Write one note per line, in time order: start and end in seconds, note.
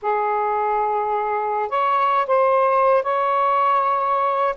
0.02 1.69 G#4
1.69 2.26 C#5
2.26 3.02 C5
3.02 4.54 C#5